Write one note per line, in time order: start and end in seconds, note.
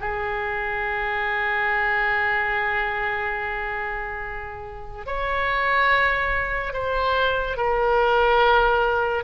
0.00 5.06 G#4
5.06 6.73 C#5
6.73 7.57 C5
7.57 9.24 A#4